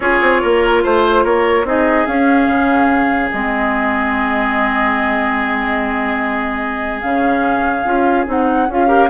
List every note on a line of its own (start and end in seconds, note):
0.00 0.20 C#4
0.00 1.66 F4
0.00 0.41 G#4
0.00 0.83 C#5
0.21 0.41 C4
0.41 0.84 A#3
0.41 0.83 A#4
0.83 1.24 A3
0.83 1.24 C5
1.24 1.64 A#3
1.24 1.65 A#4
1.24 1.66 C#5
1.64 2.05 C4
1.64 2.06 D#4
1.64 8.87 G#4
1.64 2.06 D#5
2.06 3.31 C#4
2.06 2.47 C#4
2.06 3.30 F5
2.47 3.30 C#3
3.31 7.03 G#3
3.31 7.04 C4
3.31 7.01 D#5
7.01 7.84 C#3
7.01 7.85 C#4
7.01 8.25 F5
7.84 8.26 C#4
7.84 8.26 F4
8.26 8.68 C4
8.26 8.67 D#4
8.26 8.71 F#5
8.68 9.09 C#4
8.68 8.87 F4
8.68 9.09 F5
8.87 9.08 G4
8.87 9.08 A#4